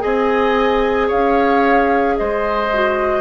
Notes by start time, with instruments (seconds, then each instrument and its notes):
0.00 bassoon C4, clarinet G#4, oboe D#5, flute G#5
1.07 bassoon C#4, oboe C#5, flute F5
2.17 bassoon G#3, oboe C5, flute D#5
2.73 clarinet F#4